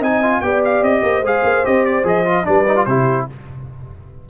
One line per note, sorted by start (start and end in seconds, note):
0.00 0.41 C4
0.00 0.23 D#4
0.00 0.41 D#5
0.00 0.41 G#5
0.23 0.43 F4
0.41 0.82 B3
0.41 1.24 G4
0.41 1.05 D5
0.41 0.61 G5
0.65 0.84 F5
0.82 1.02 C4
0.82 1.24 D#5
1.03 1.22 A#3
1.03 2.48 C5
1.22 1.42 G#3
1.22 1.65 G#4
1.22 1.65 F5
1.44 1.64 A#3
1.65 2.04 C4
1.65 2.04 G4
1.65 1.85 D#5
1.85 2.06 D5
2.04 2.45 F3
2.04 2.25 G#4
2.04 2.46 D#5
2.25 2.44 F4
2.44 2.87 G3
2.44 2.65 D4
2.44 2.88 B4
2.44 2.86 D5
2.68 2.76 D#4
2.76 2.86 F4
2.86 3.27 C3
2.86 3.29 E4
2.86 3.28 G4
2.86 3.26 C5